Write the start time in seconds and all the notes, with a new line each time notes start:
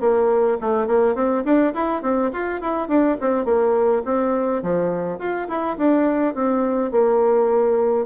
0.00 A#3
0.61 A3
0.87 A#3
1.15 C4
1.44 D4
1.74 E4
2.02 C4
2.33 F4
2.61 E4
2.88 D4
3.20 C4
3.45 A#3
4.05 C4
4.62 F3
5.19 F4
5.48 E4
5.77 D4
6.35 C4
6.91 A#3